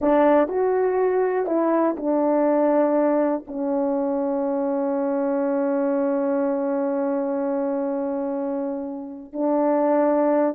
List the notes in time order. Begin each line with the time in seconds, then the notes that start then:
0.01 D4
0.48 F#4
1.46 E4
1.96 D4
3.47 C#4
9.32 D4